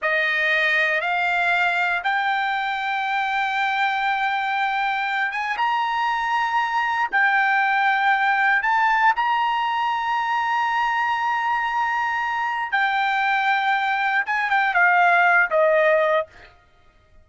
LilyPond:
\new Staff \with { instrumentName = "trumpet" } { \time 4/4 \tempo 4 = 118 dis''2 f''2 | g''1~ | g''2~ g''8 gis''8 ais''4~ | ais''2 g''2~ |
g''4 a''4 ais''2~ | ais''1~ | ais''4 g''2. | gis''8 g''8 f''4. dis''4. | }